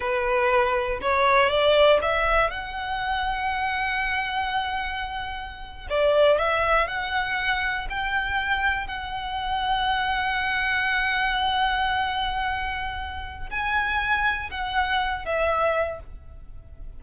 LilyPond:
\new Staff \with { instrumentName = "violin" } { \time 4/4 \tempo 4 = 120 b'2 cis''4 d''4 | e''4 fis''2.~ | fis''2.~ fis''8. d''16~ | d''8. e''4 fis''2 g''16~ |
g''4.~ g''16 fis''2~ fis''16~ | fis''1~ | fis''2. gis''4~ | gis''4 fis''4. e''4. | }